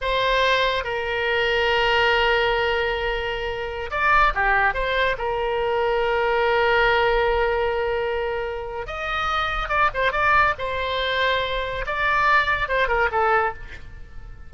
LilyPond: \new Staff \with { instrumentName = "oboe" } { \time 4/4 \tempo 4 = 142 c''2 ais'2~ | ais'1~ | ais'4~ ais'16 d''4 g'4 c''8.~ | c''16 ais'2.~ ais'8.~ |
ais'1~ | ais'4 dis''2 d''8 c''8 | d''4 c''2. | d''2 c''8 ais'8 a'4 | }